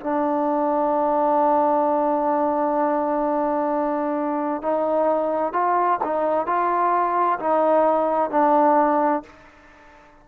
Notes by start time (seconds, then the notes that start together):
0.00 D4
4.62 D#4
5.53 F4
6.03 D#4
6.46 F4
7.39 D#4
8.30 D4